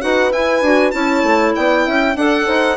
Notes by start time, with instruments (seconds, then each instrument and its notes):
0.00 bassoon D#4, clarinet F#4, horn B4, violin F#5
0.31 bassoon E4, clarinet E4, violin G#5
0.61 bassoon D4, clarinet F#4
0.90 bassoon C#4, clarinet E4, horn C#5, violin A5
1.23 bassoon A3
1.55 bassoon B3, horn D5, violin G5
1.86 bassoon C#4, horn E5
2.15 bassoon D4, clarinet A4, horn D5, violin F#5
2.46 bassoon D#4, horn C5